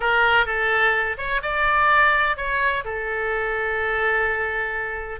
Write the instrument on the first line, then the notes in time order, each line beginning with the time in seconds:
oboe
0.00 A#4
0.46 A4
1.17 C#5
1.42 D5
2.36 C#5
2.84 A4